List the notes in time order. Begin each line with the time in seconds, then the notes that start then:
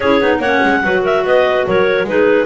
0.00 C#4 E4 G#4 C#5
0.21 B3 D#4
0.38 A#3 C#5 F#5
0.45 C#4
0.63 G#3
0.83 F#3 F#4 B4
1.02 A#4 E5
1.24 B3 B4 D#5
1.67 F#3 A#4 C#5
2.03 G#3 D#4 G#4 B4